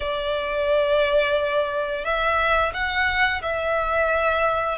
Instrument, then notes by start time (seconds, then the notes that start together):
violin
0.00 D5
2.05 E5
2.73 F#5
3.42 E5